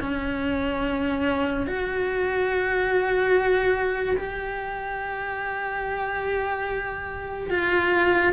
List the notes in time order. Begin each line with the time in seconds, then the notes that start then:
0.00 C#4
1.67 F#4
4.17 G4
7.50 F4